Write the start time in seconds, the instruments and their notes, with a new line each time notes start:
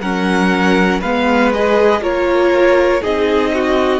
0.00 cello F#3, viola C#4, violin A#4 F#5
1.00 cello G#3, viola B3, violin B4 F5
1.53 viola G#4, violin D#5
2.00 cello A#3, viola F4, violin A#4 C#5
3.01 cello C4, viola D#4, violin G#4 D#5
3.54 violin F#4